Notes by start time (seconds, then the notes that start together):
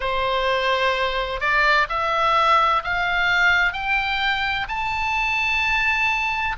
0.00 C5
1.40 D5
1.89 E5
2.84 F5
3.72 G5
4.68 A5